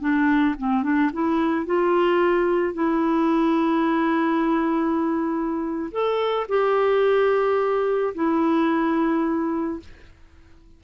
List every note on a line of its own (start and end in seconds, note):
0.00 0.55 D4
0.58 0.83 C4
0.83 1.10 D4
1.13 1.66 E4
1.66 2.74 F4
2.74 5.90 E4
5.91 6.46 A4
6.49 8.14 G4
8.15 9.80 E4